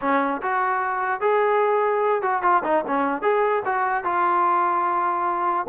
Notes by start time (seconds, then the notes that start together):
0.01 C#4
0.42 F#4
1.20 G#4
2.22 F#4
2.42 F4
2.64 D#4
2.87 C#4
3.22 G#4
3.65 F#4
4.04 F4